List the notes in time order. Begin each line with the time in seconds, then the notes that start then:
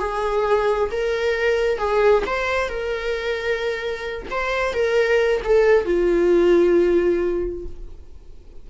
0.00 G#4
0.92 A#4
1.79 G#4
2.27 C5
2.69 A#4
4.31 C5
4.74 A#4
5.45 A4
5.86 F4